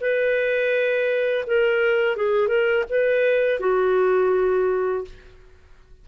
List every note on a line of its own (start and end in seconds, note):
0.00 1.45 B4
1.46 2.16 A#4
2.16 2.47 G#4
2.47 2.84 A#4
2.89 3.60 B4
3.60 5.04 F#4